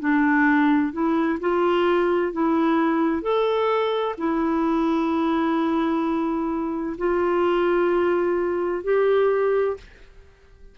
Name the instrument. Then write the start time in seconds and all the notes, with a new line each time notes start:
clarinet
0.00 D4
0.93 E4
1.40 F4
2.33 E4
3.22 A4
4.18 E4
6.98 F4
8.84 G4